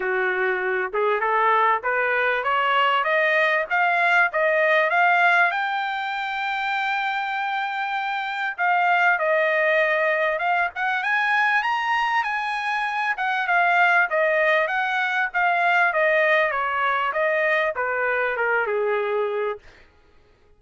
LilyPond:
\new Staff \with { instrumentName = "trumpet" } { \time 4/4 \tempo 4 = 98 fis'4. gis'8 a'4 b'4 | cis''4 dis''4 f''4 dis''4 | f''4 g''2.~ | g''2 f''4 dis''4~ |
dis''4 f''8 fis''8 gis''4 ais''4 | gis''4. fis''8 f''4 dis''4 | fis''4 f''4 dis''4 cis''4 | dis''4 b'4 ais'8 gis'4. | }